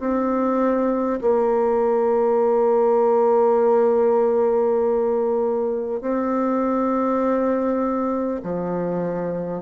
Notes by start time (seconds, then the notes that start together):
0.00 C4
1.22 A#3
6.01 C4
8.43 F3